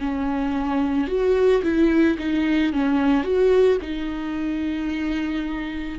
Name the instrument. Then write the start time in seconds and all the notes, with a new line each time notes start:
viola
0.00 C#4
1.08 F#4
1.63 E4
2.19 D#4
2.73 C#4
3.24 F#4
3.82 D#4